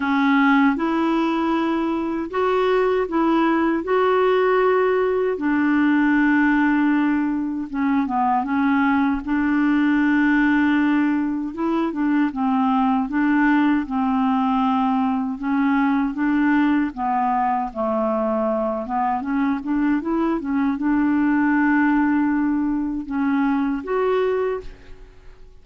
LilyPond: \new Staff \with { instrumentName = "clarinet" } { \time 4/4 \tempo 4 = 78 cis'4 e'2 fis'4 | e'4 fis'2 d'4~ | d'2 cis'8 b8 cis'4 | d'2. e'8 d'8 |
c'4 d'4 c'2 | cis'4 d'4 b4 a4~ | a8 b8 cis'8 d'8 e'8 cis'8 d'4~ | d'2 cis'4 fis'4 | }